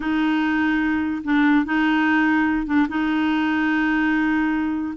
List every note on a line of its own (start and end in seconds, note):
0.00 1.22 D#4
1.23 1.65 D4
1.65 2.66 D#4
2.66 2.87 D4
2.89 4.94 D#4